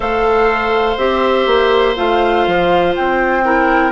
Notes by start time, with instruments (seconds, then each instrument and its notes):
0.00 bassoon A3, clarinet A4, oboe C5, flute F5
0.97 bassoon C4, clarinet G4, flute E5
1.46 bassoon A#3
1.95 bassoon A3, clarinet F4, flute F5
2.47 bassoon F3
2.95 bassoon C4, flute G5
3.43 clarinet E4, oboe A#4